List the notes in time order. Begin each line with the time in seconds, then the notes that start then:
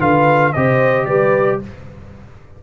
0.00 D3 F4 B4 F5
0.53 C3 G4 C5 D#5
1.05 G3 B4 D5